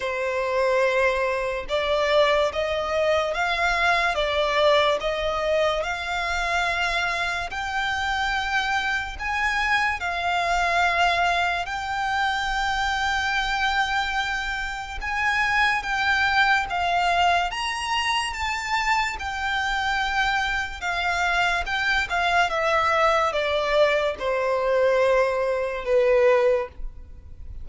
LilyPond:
\new Staff \with { instrumentName = "violin" } { \time 4/4 \tempo 4 = 72 c''2 d''4 dis''4 | f''4 d''4 dis''4 f''4~ | f''4 g''2 gis''4 | f''2 g''2~ |
g''2 gis''4 g''4 | f''4 ais''4 a''4 g''4~ | g''4 f''4 g''8 f''8 e''4 | d''4 c''2 b'4 | }